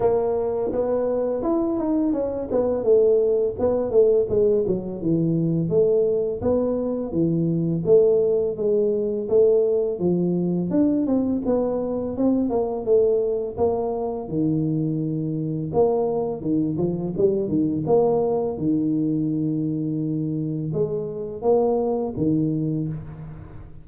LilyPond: \new Staff \with { instrumentName = "tuba" } { \time 4/4 \tempo 4 = 84 ais4 b4 e'8 dis'8 cis'8 b8 | a4 b8 a8 gis8 fis8 e4 | a4 b4 e4 a4 | gis4 a4 f4 d'8 c'8 |
b4 c'8 ais8 a4 ais4 | dis2 ais4 dis8 f8 | g8 dis8 ais4 dis2~ | dis4 gis4 ais4 dis4 | }